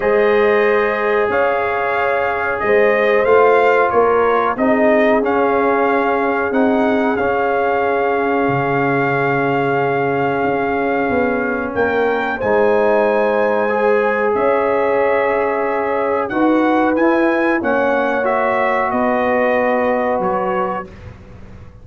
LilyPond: <<
  \new Staff \with { instrumentName = "trumpet" } { \time 4/4 \tempo 4 = 92 dis''2 f''2 | dis''4 f''4 cis''4 dis''4 | f''2 fis''4 f''4~ | f''1~ |
f''2 g''4 gis''4~ | gis''2 e''2~ | e''4 fis''4 gis''4 fis''4 | e''4 dis''2 cis''4 | }
  \new Staff \with { instrumentName = "horn" } { \time 4/4 c''2 cis''2 | c''2 ais'4 gis'4~ | gis'1~ | gis'1~ |
gis'2 ais'4 c''4~ | c''2 cis''2~ | cis''4 b'2 cis''4~ | cis''4 b'2. | }
  \new Staff \with { instrumentName = "trombone" } { \time 4/4 gis'1~ | gis'4 f'2 dis'4 | cis'2 dis'4 cis'4~ | cis'1~ |
cis'2. dis'4~ | dis'4 gis'2.~ | gis'4 fis'4 e'4 cis'4 | fis'1 | }
  \new Staff \with { instrumentName = "tuba" } { \time 4/4 gis2 cis'2 | gis4 a4 ais4 c'4 | cis'2 c'4 cis'4~ | cis'4 cis2. |
cis'4 b4 ais4 gis4~ | gis2 cis'2~ | cis'4 dis'4 e'4 ais4~ | ais4 b2 fis4 | }
>>